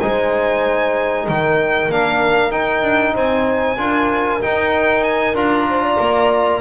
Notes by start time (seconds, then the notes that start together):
0.00 G#3 D#4 C5 G#5
1.25 D#3 A#4 G5
1.89 A#3 D4 F5
2.51 D#4 G5
2.82 D4
3.14 C4 C5 G#5
3.77 D4 F4 A#4
4.42 D#4 G5
5.04 G#5
5.34 D4 F4 A#5
5.69 C5
5.82 D5
6.00 A#3